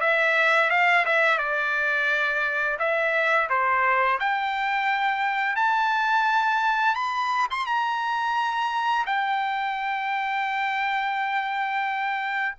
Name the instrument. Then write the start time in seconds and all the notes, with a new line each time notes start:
trumpet
0.00 E5
0.70 F5
1.05 E5
1.38 D5
2.78 E5
3.49 C5
4.20 G5
5.55 A5
6.95 B5
7.50 C6
7.66 A#5
9.06 G5